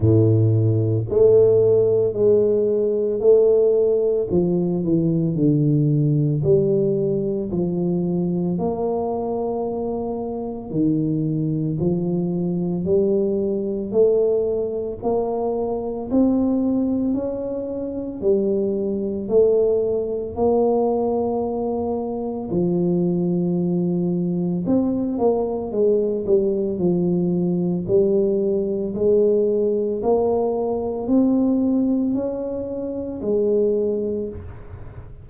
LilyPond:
\new Staff \with { instrumentName = "tuba" } { \time 4/4 \tempo 4 = 56 a,4 a4 gis4 a4 | f8 e8 d4 g4 f4 | ais2 dis4 f4 | g4 a4 ais4 c'4 |
cis'4 g4 a4 ais4~ | ais4 f2 c'8 ais8 | gis8 g8 f4 g4 gis4 | ais4 c'4 cis'4 gis4 | }